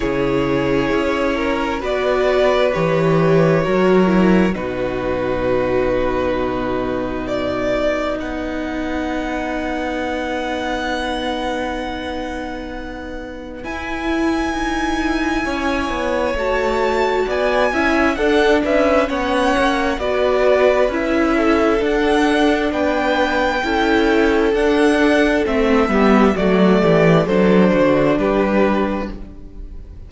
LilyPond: <<
  \new Staff \with { instrumentName = "violin" } { \time 4/4 \tempo 4 = 66 cis''2 d''4 cis''4~ | cis''4 b'2. | d''4 fis''2.~ | fis''2. gis''4~ |
gis''2 a''4 gis''4 | fis''8 e''8 fis''4 d''4 e''4 | fis''4 g''2 fis''4 | e''4 d''4 c''4 b'4 | }
  \new Staff \with { instrumentName = "violin" } { \time 4/4 gis'4. ais'8 b'2 | ais'4 fis'2. | b'1~ | b'1~ |
b'4 cis''2 d''8 e''8 | a'8 b'8 cis''4 b'4. a'8~ | a'4 b'4 a'2~ | a'8 g'8 fis'8 g'8 a'8 fis'8 g'4 | }
  \new Staff \with { instrumentName = "viola" } { \time 4/4 e'2 fis'4 g'4 | fis'8 e'8 dis'2.~ | dis'1~ | dis'2. e'4~ |
e'2 fis'4. e'8 | d'4 cis'4 fis'4 e'4 | d'2 e'4 d'4 | c'8 b8 a4 d'2 | }
  \new Staff \with { instrumentName = "cello" } { \time 4/4 cis4 cis'4 b4 e4 | fis4 b,2.~ | b,4 b2.~ | b2. e'4 |
dis'4 cis'8 b8 a4 b8 cis'8 | d'8 cis'8 b8 ais8 b4 cis'4 | d'4 b4 cis'4 d'4 | a8 g8 fis8 e8 fis8 d8 g4 | }
>>